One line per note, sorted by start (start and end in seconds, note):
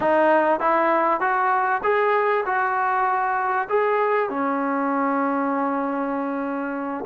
0.00 0.60 D#4
0.60 1.20 E4
1.20 1.81 F#4
1.83 2.44 G#4
2.45 3.68 F#4
3.69 4.29 G#4
4.29 7.05 C#4